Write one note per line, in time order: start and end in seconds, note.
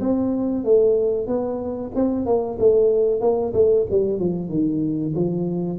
0.00 0.64 C4
0.64 1.27 A3
1.27 1.91 B3
1.95 2.26 C4
2.26 2.58 A#3
2.59 3.21 A3
3.21 3.53 A#3
3.54 3.86 A3
3.91 4.19 G3
4.19 4.49 F3
4.49 5.14 D#3
5.16 5.79 F3